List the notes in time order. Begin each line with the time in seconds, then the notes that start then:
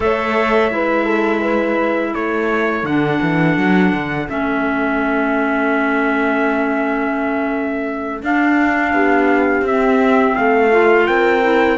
0.00 A3 A4 C#5 E5
0.71 G#3 E4 B4
1.05 A4
1.41 B4
2.11 A3 A4 C#5
2.83 D3 D4 F#5
3.21 E3
3.57 F#3
3.92 D3
4.28 A3 C#4 E5
8.22 D4 F5
8.93 B3 G4
9.61 C4 E5
9.68 C4
10.35 A3 A4 F5
10.71 F4
11.06 C4 A#4 G5
11.42 E4